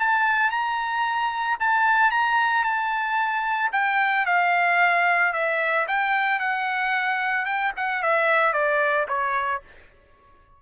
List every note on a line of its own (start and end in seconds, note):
0.00 0.51 A5
0.51 1.58 A#5
1.60 2.11 A5
2.11 2.64 A#5
2.64 3.71 A5
3.73 4.26 G5
4.26 5.33 F5
5.33 5.87 E5
5.88 6.40 G5
6.40 7.46 F#5
7.46 7.73 G5
7.77 8.03 F#5
8.03 8.53 E5
8.53 9.07 D5
9.09 9.62 C#5